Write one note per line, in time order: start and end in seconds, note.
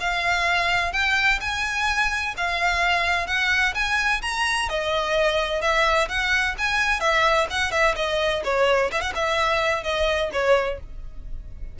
0.00 0.92 F5
0.92 1.39 G5
1.40 2.34 G#5
2.37 3.27 F5
3.27 3.74 F#5
3.74 4.21 G#5
4.22 4.69 A#5
4.69 5.61 D#5
5.61 6.08 E5
6.08 6.55 F#5
6.58 7.00 G#5
7.00 7.47 E5
7.50 7.71 F#5
7.71 7.95 E5
7.96 8.42 D#5
8.44 8.91 C#5
8.91 9.01 E5
9.01 9.12 F#5
9.14 9.83 E5
9.83 10.30 D#5
10.32 10.79 C#5